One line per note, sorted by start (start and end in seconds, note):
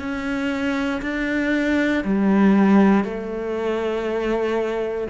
0.00 1.02 C#4
1.03 2.04 D4
2.04 3.05 G3
3.05 5.08 A3